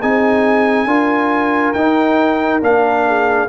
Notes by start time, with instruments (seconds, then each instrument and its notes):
0.00 tuba C4, trombone D#4, horn G#4, trumpet G#5
0.85 tuba D4, trombone F4, horn A#4
1.73 tuba D#4, trombone D#4, trumpet G5
2.62 tuba A#3, trombone D4, trumpet F5
3.07 horn G#4